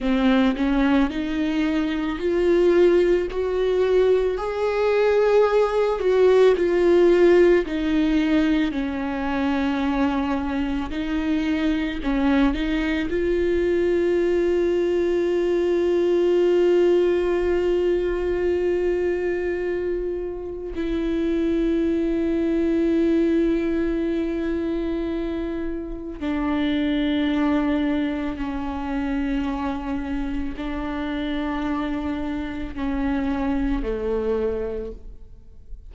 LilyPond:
\new Staff \with { instrumentName = "viola" } { \time 4/4 \tempo 4 = 55 c'8 cis'8 dis'4 f'4 fis'4 | gis'4. fis'8 f'4 dis'4 | cis'2 dis'4 cis'8 dis'8 | f'1~ |
f'2. e'4~ | e'1 | d'2 cis'2 | d'2 cis'4 a4 | }